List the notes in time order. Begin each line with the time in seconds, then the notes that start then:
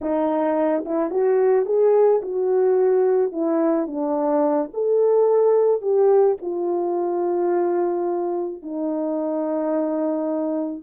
0.01 D#4
0.85 E4
1.10 F#4
1.65 G#4
2.22 F#4
3.32 E4
3.86 D4
4.73 A4
5.81 G4
6.41 F4
8.62 D#4